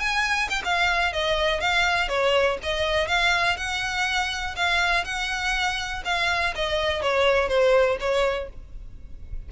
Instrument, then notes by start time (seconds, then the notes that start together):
violin
0.00 G#5
0.50 G5
0.65 F5
1.13 D#5
1.61 F5
2.09 C#5
2.63 D#5
3.08 F5
3.57 F#5
4.56 F5
5.05 F#5
6.05 F5
6.55 D#5
7.02 C#5
7.48 C5
8.00 C#5